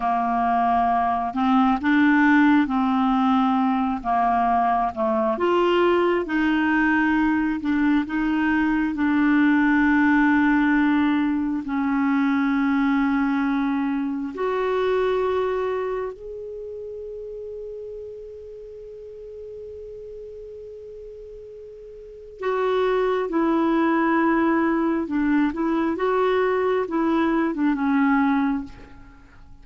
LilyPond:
\new Staff \with { instrumentName = "clarinet" } { \time 4/4 \tempo 4 = 67 ais4. c'8 d'4 c'4~ | c'8 ais4 a8 f'4 dis'4~ | dis'8 d'8 dis'4 d'2~ | d'4 cis'2. |
fis'2 gis'2~ | gis'1~ | gis'4 fis'4 e'2 | d'8 e'8 fis'4 e'8. d'16 cis'4 | }